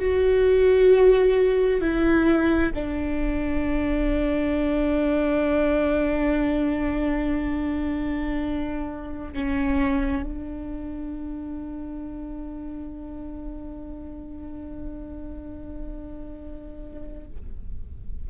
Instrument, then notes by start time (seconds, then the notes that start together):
viola
0.00 F#4
1.81 E4
2.74 D4
9.33 C#4
10.23 D4